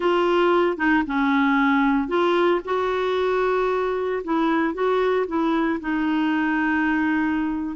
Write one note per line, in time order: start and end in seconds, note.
0.00 0.77 F4
0.77 1.03 D#4
1.06 2.07 C#4
2.07 2.60 F4
2.65 4.22 F#4
4.24 4.73 E4
4.73 5.26 F#4
5.27 5.79 E4
5.80 7.76 D#4